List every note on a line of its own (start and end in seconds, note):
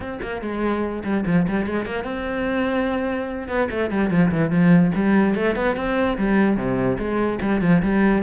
0.00 0.19 C4
0.22 0.41 A#3
0.41 1.03 G#3
1.03 1.24 G3
1.26 1.46 F3
1.48 1.66 G3
1.66 1.85 G#3
1.85 2.04 A#3
2.04 3.48 C4
3.48 3.68 B3
3.70 3.90 A3
3.90 4.10 G3
4.10 4.31 F3
4.31 4.50 E3
4.50 4.91 F3
4.94 5.35 G3
5.35 5.55 A3
5.55 5.76 B3
5.76 6.17 C4
6.17 6.56 G3
6.56 6.97 C3
6.98 7.39 G#3
7.41 7.61 G3
7.61 7.81 F3
7.82 8.22 G3